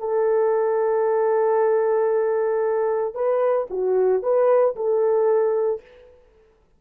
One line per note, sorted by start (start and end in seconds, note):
0.00 3.15 A4
3.15 3.68 B4
3.71 4.23 F#4
4.23 4.76 B4
4.76 5.82 A4